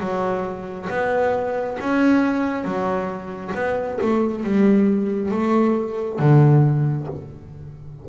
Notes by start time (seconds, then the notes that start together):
0.00 F#3
0.89 B3
1.80 C#4
2.64 F#3
3.55 B3
4.01 A3
4.43 G3
5.31 A3
6.19 D3